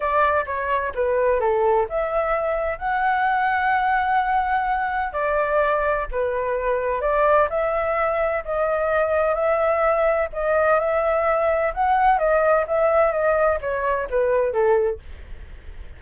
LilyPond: \new Staff \with { instrumentName = "flute" } { \time 4/4 \tempo 4 = 128 d''4 cis''4 b'4 a'4 | e''2 fis''2~ | fis''2. d''4~ | d''4 b'2 d''4 |
e''2 dis''2 | e''2 dis''4 e''4~ | e''4 fis''4 dis''4 e''4 | dis''4 cis''4 b'4 a'4 | }